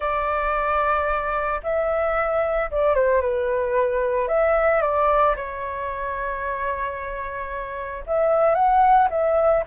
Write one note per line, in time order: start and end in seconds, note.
0.00 1.60 D5
1.63 2.70 E5
2.70 2.94 D5
2.94 3.21 C5
3.21 4.27 B4
4.27 4.81 E5
4.81 5.35 D5
5.36 8.04 C#5
8.06 8.54 E5
8.54 9.08 F#5
9.10 9.63 E5